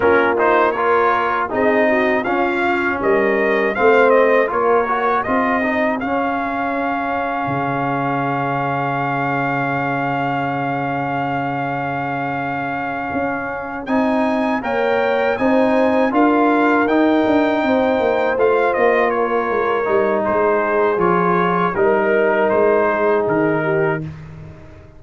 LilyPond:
<<
  \new Staff \with { instrumentName = "trumpet" } { \time 4/4 \tempo 4 = 80 ais'8 c''8 cis''4 dis''4 f''4 | dis''4 f''8 dis''8 cis''4 dis''4 | f''1~ | f''1~ |
f''2~ f''8 gis''4 g''8~ | g''8 gis''4 f''4 g''4.~ | g''8 f''8 dis''8 cis''4. c''4 | cis''4 ais'4 c''4 ais'4 | }
  \new Staff \with { instrumentName = "horn" } { \time 4/4 f'4 ais'4 gis'8 fis'8 f'4 | ais'4 c''4 ais'4 gis'4~ | gis'1~ | gis'1~ |
gis'2.~ gis'8 cis''8~ | cis''8 c''4 ais'2 c''8~ | c''4. ais'4. gis'4~ | gis'4 ais'4. gis'4 g'8 | }
  \new Staff \with { instrumentName = "trombone" } { \time 4/4 cis'8 dis'8 f'4 dis'4 cis'4~ | cis'4 c'4 f'8 fis'8 f'8 dis'8 | cis'1~ | cis'1~ |
cis'2~ cis'8 dis'4 ais'8~ | ais'8 dis'4 f'4 dis'4.~ | dis'8 f'2 dis'4. | f'4 dis'2. | }
  \new Staff \with { instrumentName = "tuba" } { \time 4/4 ais2 c'4 cis'4 | g4 a4 ais4 c'4 | cis'2 cis2~ | cis1~ |
cis4. cis'4 c'4 ais8~ | ais8 c'4 d'4 dis'8 d'8 c'8 | ais8 a8 ais4 gis8 g8 gis4 | f4 g4 gis4 dis4 | }
>>